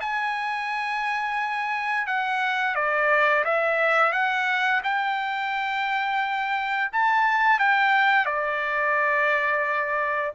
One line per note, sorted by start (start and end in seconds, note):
0.00 2.07 G#5
2.07 2.75 F#5
2.75 3.44 D5
3.44 4.12 E5
4.12 4.81 F#5
4.83 6.90 G5
6.92 7.59 A5
7.59 8.25 G5
8.25 10.32 D5